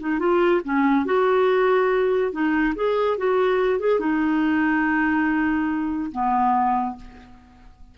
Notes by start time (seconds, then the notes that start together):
0.00 D#4
0.20 F4
0.65 C#4
1.06 F#4
2.32 D#4
2.76 G#4
3.18 F#4
3.80 G#4
4.00 D#4
6.12 B3